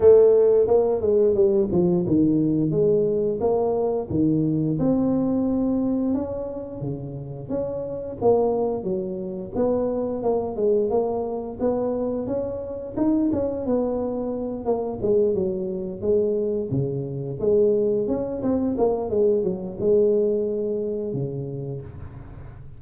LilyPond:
\new Staff \with { instrumentName = "tuba" } { \time 4/4 \tempo 4 = 88 a4 ais8 gis8 g8 f8 dis4 | gis4 ais4 dis4 c'4~ | c'4 cis'4 cis4 cis'4 | ais4 fis4 b4 ais8 gis8 |
ais4 b4 cis'4 dis'8 cis'8 | b4. ais8 gis8 fis4 gis8~ | gis8 cis4 gis4 cis'8 c'8 ais8 | gis8 fis8 gis2 cis4 | }